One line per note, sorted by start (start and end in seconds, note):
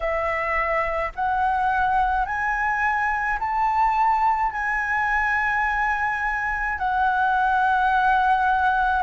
0.00 1.12 E5
1.15 2.25 F#5
2.25 3.39 G#5
3.39 4.52 A5
4.52 6.78 G#5
6.78 9.03 F#5